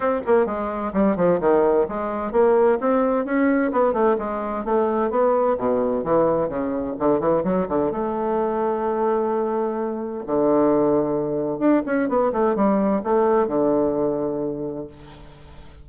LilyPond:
\new Staff \with { instrumentName = "bassoon" } { \time 4/4 \tempo 4 = 129 c'8 ais8 gis4 g8 f8 dis4 | gis4 ais4 c'4 cis'4 | b8 a8 gis4 a4 b4 | b,4 e4 cis4 d8 e8 |
fis8 d8 a2.~ | a2 d2~ | d4 d'8 cis'8 b8 a8 g4 | a4 d2. | }